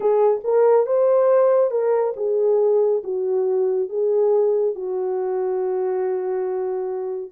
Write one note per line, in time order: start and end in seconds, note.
0.00 0.41 G#4
0.43 0.86 A#4
0.86 1.70 C5
1.70 2.13 A#4
2.16 3.02 G#4
3.03 3.89 F#4
3.89 4.75 G#4
4.75 7.31 F#4